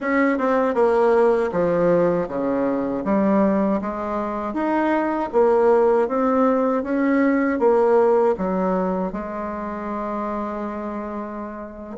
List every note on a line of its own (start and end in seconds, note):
0.00 0.38 C#4
0.38 0.74 C4
0.74 1.50 A#3
1.52 2.28 F3
2.28 3.03 C#3
3.04 3.80 G3
3.81 4.53 G#3
4.53 5.29 D#4
5.32 6.08 A#3
6.08 6.83 C4
6.83 7.59 C#4
7.59 8.35 A#3
8.37 9.12 F#3
9.12 11.97 G#3